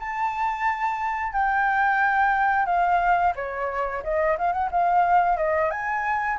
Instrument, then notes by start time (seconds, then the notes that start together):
flute
0.00 A5
1.33 G5
2.66 F5
3.36 C#5
4.04 D#5
4.39 F5
4.53 F#5
4.72 F5
5.37 D#5
5.71 G#5